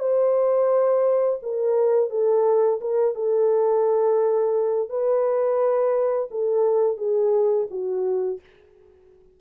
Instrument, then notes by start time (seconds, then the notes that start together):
horn
0.00 C5
1.43 A#4
2.10 A4
2.81 A#4
3.15 A4
4.89 B4
6.31 A4
6.98 G#4
7.71 F#4